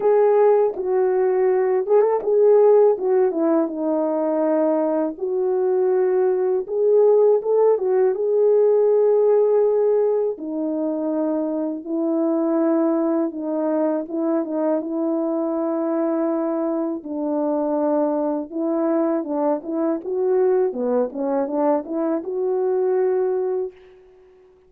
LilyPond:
\new Staff \with { instrumentName = "horn" } { \time 4/4 \tempo 4 = 81 gis'4 fis'4. gis'16 a'16 gis'4 | fis'8 e'8 dis'2 fis'4~ | fis'4 gis'4 a'8 fis'8 gis'4~ | gis'2 dis'2 |
e'2 dis'4 e'8 dis'8 | e'2. d'4~ | d'4 e'4 d'8 e'8 fis'4 | b8 cis'8 d'8 e'8 fis'2 | }